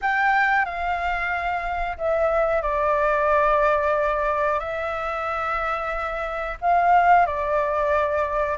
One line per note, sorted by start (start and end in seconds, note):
0.01 0.65 G5
0.65 1.97 F5
1.97 2.62 E5
2.62 4.59 D5
4.59 6.57 E5
6.61 7.25 F5
7.25 8.57 D5